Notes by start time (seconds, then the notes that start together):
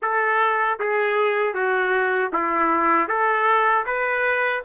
0.02 A4
0.79 G#4
1.53 F#4
2.33 E4
3.08 A4
3.85 B4